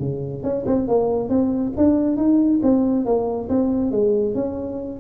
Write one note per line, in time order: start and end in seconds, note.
0.00 0.43 C#3
0.43 0.65 C#4
0.66 0.88 C4
0.88 1.29 A#3
1.29 1.73 C4
1.77 2.17 D4
2.17 2.60 D#4
2.63 3.06 C4
3.06 3.49 A#3
3.49 3.92 C4
3.92 4.35 G#3
4.35 5.00 C#4